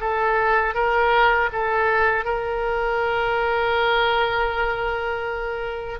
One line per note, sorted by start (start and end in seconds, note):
0.00 0.74 A4
0.74 1.49 A#4
1.52 2.24 A4
2.24 5.99 A#4